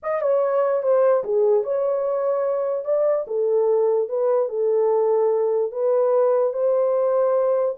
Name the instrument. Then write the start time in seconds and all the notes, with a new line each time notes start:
horn
0.03 D#5
0.21 C#5
0.82 C5
1.24 G#4
1.63 C#5
2.85 D5
3.27 A4
4.08 B4
4.49 A4
5.71 B4
6.53 C5